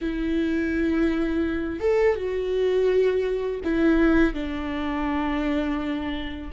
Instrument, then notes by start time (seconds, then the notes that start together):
viola
0.01 E4
1.80 A4
2.15 F#4
3.63 E4
4.34 D4